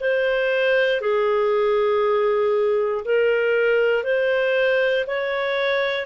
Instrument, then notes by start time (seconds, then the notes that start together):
clarinet
0.00 C5
1.00 G#4
3.04 A#4
4.03 C5
5.07 C#5